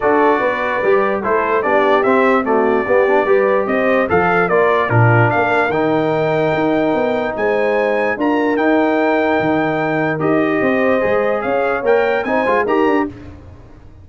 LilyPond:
<<
  \new Staff \with { instrumentName = "trumpet" } { \time 4/4 \tempo 4 = 147 d''2. c''4 | d''4 e''4 d''2~ | d''4 dis''4 f''4 d''4 | ais'4 f''4 g''2~ |
g''2 gis''2 | ais''4 g''2.~ | g''4 dis''2. | f''4 g''4 gis''4 ais''4 | }
  \new Staff \with { instrumentName = "horn" } { \time 4/4 a'4 b'2 a'4 | g'2 fis'4 g'4 | b'4 c''4 a'4 ais'4 | f'4 ais'2.~ |
ais'2 c''2 | ais'1~ | ais'2 c''2 | cis''2 c''4 ais'4 | }
  \new Staff \with { instrumentName = "trombone" } { \time 4/4 fis'2 g'4 e'4 | d'4 c'4 a4 b8 d'8 | g'2 a'4 f'4 | d'2 dis'2~ |
dis'1 | f'4 dis'2.~ | dis'4 g'2 gis'4~ | gis'4 ais'4 dis'8 f'8 g'4 | }
  \new Staff \with { instrumentName = "tuba" } { \time 4/4 d'4 b4 g4 a4 | b4 c'2 b4 | g4 c'4 f4 ais4 | ais,4 ais4 dis2 |
dis'4 b4 gis2 | d'4 dis'2 dis4~ | dis4 dis'4 c'4 gis4 | cis'4 ais4 c'8 gis8 dis'8 d'8 | }
>>